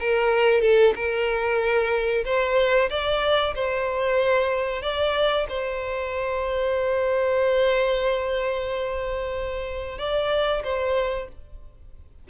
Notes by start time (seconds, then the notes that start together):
0.00 A#4
0.61 A4
0.96 A#4
2.25 C5
2.90 D5
3.55 C5
4.82 D5
5.49 C5
9.98 D5
10.64 C5